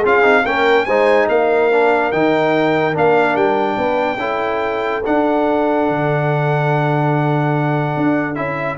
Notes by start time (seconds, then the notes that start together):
0.00 C#4 F4 G#4 F5
0.22 C4 D#4
0.45 A#3 C#4 A#4 G5
0.85 G#3 D#4 C5 G#5
1.29 A#3 A#4 F5
1.72 D4
2.12 D#3 D#4 G5
2.93 A#3 D4 F5
3.35 G3 G5
3.77 B3 B4
4.16 C#4 E4 A4
5.05 D4 F#5
5.89 D3
7.97 D4
8.35 C#4 E4 E5